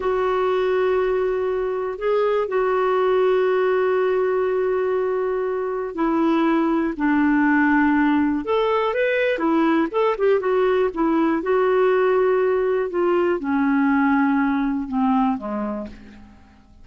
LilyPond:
\new Staff \with { instrumentName = "clarinet" } { \time 4/4 \tempo 4 = 121 fis'1 | gis'4 fis'2.~ | fis'1 | e'2 d'2~ |
d'4 a'4 b'4 e'4 | a'8 g'8 fis'4 e'4 fis'4~ | fis'2 f'4 cis'4~ | cis'2 c'4 gis4 | }